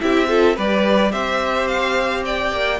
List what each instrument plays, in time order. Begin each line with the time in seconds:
0.00 cello C4, viola E4, violin G4 E5
0.27 viola F4, violin A4
0.56 cello G3, viola G4, violin B4 D5
1.12 cello C4, violin C5 E5
1.67 violin F5
2.25 violin D5 G5
2.52 cello A#3